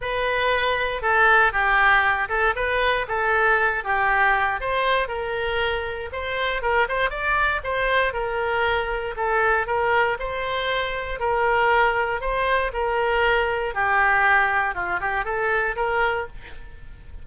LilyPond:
\new Staff \with { instrumentName = "oboe" } { \time 4/4 \tempo 4 = 118 b'2 a'4 g'4~ | g'8 a'8 b'4 a'4. g'8~ | g'4 c''4 ais'2 | c''4 ais'8 c''8 d''4 c''4 |
ais'2 a'4 ais'4 | c''2 ais'2 | c''4 ais'2 g'4~ | g'4 f'8 g'8 a'4 ais'4 | }